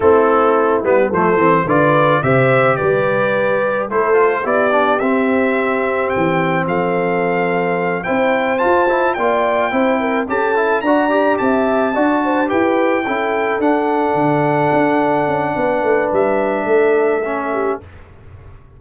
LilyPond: <<
  \new Staff \with { instrumentName = "trumpet" } { \time 4/4 \tempo 4 = 108 a'4. b'8 c''4 d''4 | e''4 d''2 c''4 | d''4 e''2 g''4 | f''2~ f''8 g''4 a''8~ |
a''8 g''2 a''4 ais''8~ | ais''8 a''2 g''4.~ | g''8 fis''2.~ fis''8~ | fis''4 e''2. | }
  \new Staff \with { instrumentName = "horn" } { \time 4/4 e'2 a'4 b'4 | c''4 b'2 a'4 | g'1 | a'2~ a'8 c''4.~ |
c''8 d''4 c''8 ais'8 a'4 d''8~ | d''8 e''4 d''8 c''8 b'4 a'8~ | a'1 | b'2 a'4. g'8 | }
  \new Staff \with { instrumentName = "trombone" } { \time 4/4 c'4. b8 a8 c'8 f'4 | g'2. e'8 f'8 | e'8 d'8 c'2.~ | c'2~ c'8 e'4 f'8 |
e'8 f'4 e'4 g'8 e'8 fis'8 | g'4. fis'4 g'4 e'8~ | e'8 d'2.~ d'8~ | d'2. cis'4 | }
  \new Staff \with { instrumentName = "tuba" } { \time 4/4 a4. g8 f8 e8 d4 | c4 g2 a4 | b4 c'2 e4 | f2~ f8 c'4 f'8~ |
f'8 ais4 c'4 cis'4 d'8~ | d'8 c'4 d'4 e'4 cis'8~ | cis'8 d'4 d4 d'4 cis'8 | b8 a8 g4 a2 | }
>>